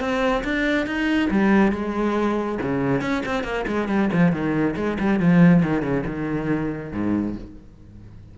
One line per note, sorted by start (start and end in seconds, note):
0.00 0.43 C4
0.44 0.86 D4
0.86 1.29 D#4
1.30 1.72 G3
1.72 2.58 G#3
2.62 3.01 C#3
3.01 3.23 C#4
3.26 3.44 C4
3.44 3.65 A#3
3.67 3.88 G#3
3.88 4.09 G3
4.13 4.32 F3
4.32 4.75 D#3
4.76 4.98 G#3
4.99 5.20 G3
5.20 5.63 F3
5.63 5.82 D#3
5.82 6.04 C#3
6.06 6.92 D#3
6.92 7.35 G#2